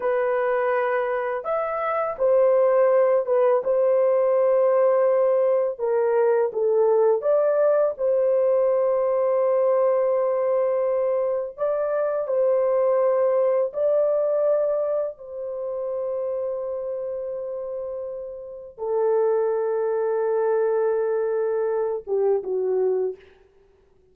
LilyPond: \new Staff \with { instrumentName = "horn" } { \time 4/4 \tempo 4 = 83 b'2 e''4 c''4~ | c''8 b'8 c''2. | ais'4 a'4 d''4 c''4~ | c''1 |
d''4 c''2 d''4~ | d''4 c''2.~ | c''2 a'2~ | a'2~ a'8 g'8 fis'4 | }